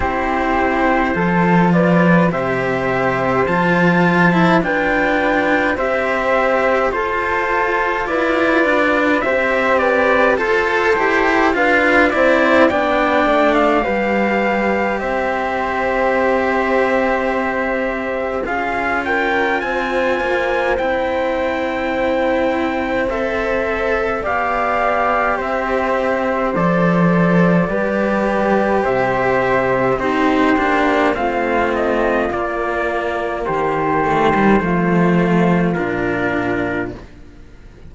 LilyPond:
<<
  \new Staff \with { instrumentName = "trumpet" } { \time 4/4 \tempo 4 = 52 c''4. d''8 e''4 a''4 | g''4 e''4 c''4 d''4 | e''8 d''8 c''4 f''8 d''8 g''8. f''16~ | f''4 e''2. |
f''8 g''8 gis''4 g''2 | e''4 f''4 e''4 d''4~ | d''4 e''4 c''4 f''8 dis''8 | d''4 c''2 ais'4 | }
  \new Staff \with { instrumentName = "flute" } { \time 4/4 g'4 a'8 b'8 c''2 | b'4 c''4 a'4 b'4 | c''8 b'8 a'4 b'8 c''8 d''4 | b'4 c''2. |
gis'8 ais'8 c''2.~ | c''4 d''4 c''2 | b'4 c''4 g'4 f'4~ | f'4 g'4 f'2 | }
  \new Staff \with { instrumentName = "cello" } { \time 4/4 e'4 f'4 g'4 f'8. e'16 | d'4 g'4 f'2 | g'4 a'8 g'8 f'8 e'8 d'4 | g'1 |
f'2 e'2 | a'4 g'2 a'4 | g'2 dis'8 d'8 c'4 | ais4. a16 g16 a4 d'4 | }
  \new Staff \with { instrumentName = "cello" } { \time 4/4 c'4 f4 c4 f4 | f'4 c'4 f'4 e'8 d'8 | c'4 f'8 e'8 d'8 c'8 b8 a8 | g4 c'2. |
cis'4 c'8 ais8 c'2~ | c'4 b4 c'4 f4 | g4 c4 c'8 ais8 a4 | ais4 dis4 f4 ais,4 | }
>>